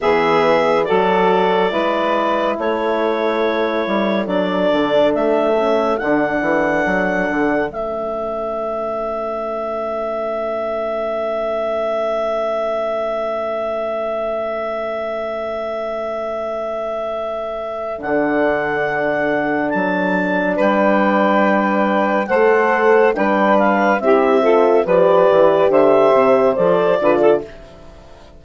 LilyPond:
<<
  \new Staff \with { instrumentName = "clarinet" } { \time 4/4 \tempo 4 = 70 e''4 d''2 cis''4~ | cis''4 d''4 e''4 fis''4~ | fis''4 e''2.~ | e''1~ |
e''1~ | e''4 fis''2 a''4 | g''2 fis''4 g''8 f''8 | e''4 d''4 e''4 d''4 | }
  \new Staff \with { instrumentName = "saxophone" } { \time 4/4 gis'4 a'4 b'4 a'4~ | a'1~ | a'1~ | a'1~ |
a'1~ | a'1 | b'2 c''4 b'4 | g'8 a'8 b'4 c''4. b'16 a'16 | }
  \new Staff \with { instrumentName = "horn" } { \time 4/4 b4 fis'4 e'2~ | e'4 d'4. cis'8 d'4~ | d'4 cis'2.~ | cis'1~ |
cis'1~ | cis'4 d'2.~ | d'2 a'4 d'4 | e'8 f'8 g'2 a'8 f'8 | }
  \new Staff \with { instrumentName = "bassoon" } { \time 4/4 e4 fis4 gis4 a4~ | a8 g8 fis8 d8 a4 d8 e8 | fis8 d8 a2.~ | a1~ |
a1~ | a4 d2 fis4 | g2 a4 g4 | c'4 f8 e8 d8 c8 f8 d8 | }
>>